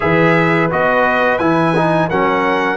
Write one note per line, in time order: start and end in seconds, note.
0.00 0.71 E3
0.00 0.70 G#4
0.00 2.08 B4
0.00 0.70 E5
0.70 1.39 B3
0.70 1.39 F#4
0.70 1.38 D#5
1.38 2.09 E3
1.38 1.74 E4
1.38 2.08 G#5
1.76 2.10 D#4
2.08 2.77 F#3
2.08 2.77 C#4
2.08 2.77 A#4
2.08 2.77 F#5